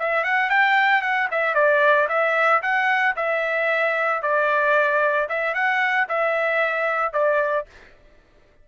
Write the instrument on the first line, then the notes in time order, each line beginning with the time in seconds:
trumpet
0.00 E5
0.24 F#5
0.50 G5
1.02 F#5
1.31 E5
1.55 D5
2.09 E5
2.63 F#5
3.17 E5
4.23 D5
5.30 E5
5.55 F#5
6.09 E5
7.13 D5